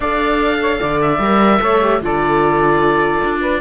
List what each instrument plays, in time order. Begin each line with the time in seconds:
0.00 cello D4, viola A4, saxophone D5, oboe F5
0.60 saxophone C#5
0.80 cello D3, saxophone D5
1.01 oboe E5
1.18 cello G3, viola A#4
1.61 cello A3, viola A4, saxophone C#5
1.81 viola G4
2.01 cello D3, viola F4, saxophone A4, oboe D5
3.24 cello D4
3.40 saxophone B4